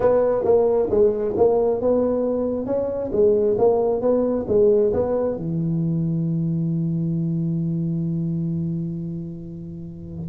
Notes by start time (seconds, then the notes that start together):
0.00 B3
0.44 A#3
0.90 G#3
1.36 A#3
1.80 B3
2.66 C#4
3.12 G#3
3.58 A#3
4.01 B3
4.48 G#3
4.93 B3
5.36 E3